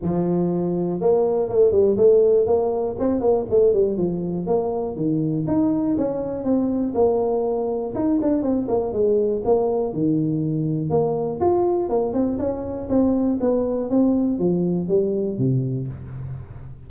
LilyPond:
\new Staff \with { instrumentName = "tuba" } { \time 4/4 \tempo 4 = 121 f2 ais4 a8 g8 | a4 ais4 c'8 ais8 a8 g8 | f4 ais4 dis4 dis'4 | cis'4 c'4 ais2 |
dis'8 d'8 c'8 ais8 gis4 ais4 | dis2 ais4 f'4 | ais8 c'8 cis'4 c'4 b4 | c'4 f4 g4 c4 | }